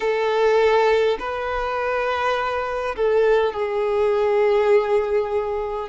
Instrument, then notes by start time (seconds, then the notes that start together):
violin
0.00 A4
1.19 B4
2.96 A4
3.53 G#4